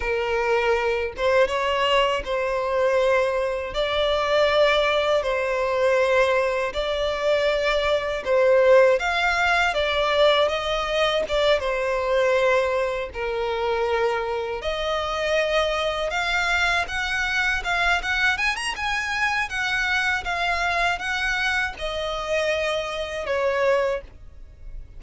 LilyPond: \new Staff \with { instrumentName = "violin" } { \time 4/4 \tempo 4 = 80 ais'4. c''8 cis''4 c''4~ | c''4 d''2 c''4~ | c''4 d''2 c''4 | f''4 d''4 dis''4 d''8 c''8~ |
c''4. ais'2 dis''8~ | dis''4. f''4 fis''4 f''8 | fis''8 gis''16 ais''16 gis''4 fis''4 f''4 | fis''4 dis''2 cis''4 | }